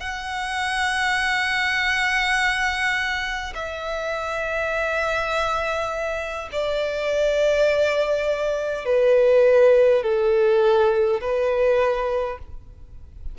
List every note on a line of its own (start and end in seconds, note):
0.00 3.53 F#5
3.55 6.49 E5
6.52 8.85 D5
8.85 10.03 B4
10.03 11.20 A4
11.21 12.39 B4